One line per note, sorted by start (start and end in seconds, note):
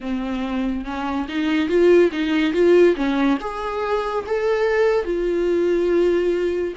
0.00 0.85 C4
0.85 1.27 C#4
1.28 1.68 D#4
1.68 2.10 F4
2.12 2.53 D#4
2.53 2.95 F4
2.95 3.38 C#4
3.40 4.24 G#4
4.26 5.04 A4
5.04 6.73 F4